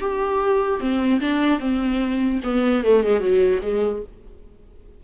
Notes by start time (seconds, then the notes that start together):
0.00 G4
0.80 C4
1.20 D4
1.59 C4
2.43 B3
2.84 A3
3.03 G#3
3.20 F#3
3.62 G#3